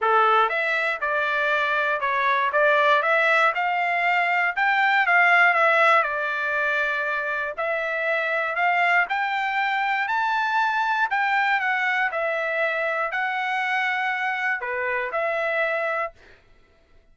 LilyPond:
\new Staff \with { instrumentName = "trumpet" } { \time 4/4 \tempo 4 = 119 a'4 e''4 d''2 | cis''4 d''4 e''4 f''4~ | f''4 g''4 f''4 e''4 | d''2. e''4~ |
e''4 f''4 g''2 | a''2 g''4 fis''4 | e''2 fis''2~ | fis''4 b'4 e''2 | }